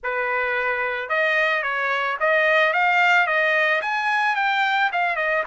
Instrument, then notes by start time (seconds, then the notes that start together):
trumpet
0.03 B4
1.09 D#5
1.62 C#5
2.20 D#5
2.73 F5
3.26 D#5
3.81 G#5
4.35 G5
4.92 F5
5.16 D#5